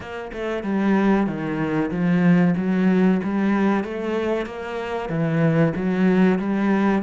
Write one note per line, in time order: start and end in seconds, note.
0.00 0.31 A#3
0.32 0.63 A3
0.63 1.26 G3
1.26 1.90 D#3
1.90 2.54 F3
2.56 3.20 F#3
3.23 3.84 G3
3.84 4.45 A3
4.45 5.09 A#3
5.09 5.73 E3
5.75 6.39 F#3
6.39 7.02 G3